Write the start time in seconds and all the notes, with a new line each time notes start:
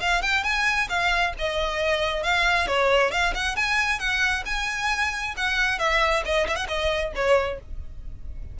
0.00 F5
0.22 G5
0.44 G#5
0.89 F5
1.39 D#5
2.23 F5
2.67 C#5
3.11 F5
3.34 F#5
3.56 G#5
3.99 F#5
4.46 G#5
5.37 F#5
5.79 E5
6.25 D#5
6.48 E5
6.56 F#5
6.68 D#5
7.16 C#5